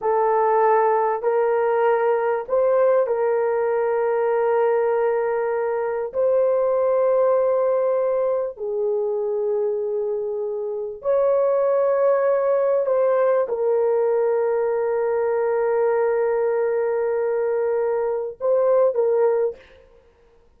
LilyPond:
\new Staff \with { instrumentName = "horn" } { \time 4/4 \tempo 4 = 98 a'2 ais'2 | c''4 ais'2.~ | ais'2 c''2~ | c''2 gis'2~ |
gis'2 cis''2~ | cis''4 c''4 ais'2~ | ais'1~ | ais'2 c''4 ais'4 | }